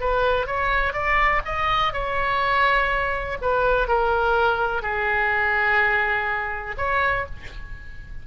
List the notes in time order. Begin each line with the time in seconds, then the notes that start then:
0.00 B4
0.46 C#5
0.93 D5
1.45 D#5
1.92 C#5
3.41 B4
3.88 A#4
4.82 G#4
6.77 C#5